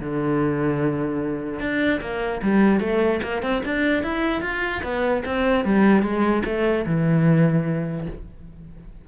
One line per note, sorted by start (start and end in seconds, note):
0.00 1.60 D3
1.60 2.00 D4
2.01 2.41 A#3
2.42 2.80 G3
2.80 3.20 A3
3.23 3.42 A#3
3.42 3.62 C4
3.65 4.03 D4
4.03 4.41 E4
4.41 4.82 F4
4.83 5.23 B3
5.25 5.65 C4
5.65 6.02 G3
6.02 6.42 G#3
6.45 6.85 A3
6.86 8.07 E3